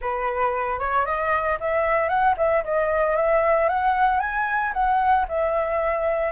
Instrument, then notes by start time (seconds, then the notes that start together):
flute
0.01 B4
0.79 C#5
1.05 D#5
1.60 E5
2.08 F#5
2.37 E5
2.63 D#5
3.16 E5
3.68 F#5
4.20 G#5
4.73 F#5
5.28 E5